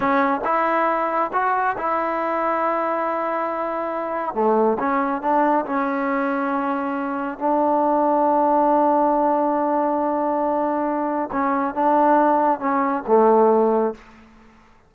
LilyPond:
\new Staff \with { instrumentName = "trombone" } { \time 4/4 \tempo 4 = 138 cis'4 e'2 fis'4 | e'1~ | e'2 a4 cis'4 | d'4 cis'2.~ |
cis'4 d'2.~ | d'1~ | d'2 cis'4 d'4~ | d'4 cis'4 a2 | }